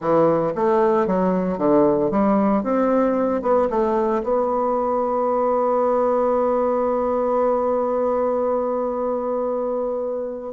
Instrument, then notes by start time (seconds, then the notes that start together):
bassoon
0.00 E3
0.55 A3
1.06 F#3
1.58 D3
2.11 G3
2.63 C4
3.42 B3
3.70 A3
4.23 B3